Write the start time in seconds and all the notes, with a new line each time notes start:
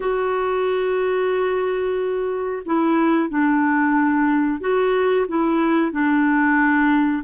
0.00 F#4
2.65 E4
3.29 D4
4.60 F#4
5.27 E4
5.91 D4